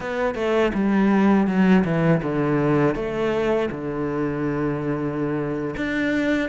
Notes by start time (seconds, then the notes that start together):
0.00 B3
0.35 A3
0.73 G3
1.46 F#3
1.84 E3
2.22 D3
2.95 A3
3.71 D3
5.76 D4